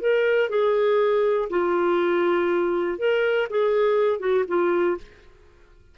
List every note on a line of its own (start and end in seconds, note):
0.00 0.50 A#4
0.50 1.49 G#4
1.50 2.98 F4
2.98 3.48 A#4
3.50 4.19 G#4
4.19 4.44 F#4
4.48 4.97 F4